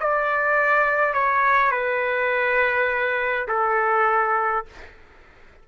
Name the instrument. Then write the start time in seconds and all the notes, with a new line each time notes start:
trumpet
0.00 D5
1.14 C#5
1.72 B4
3.48 A4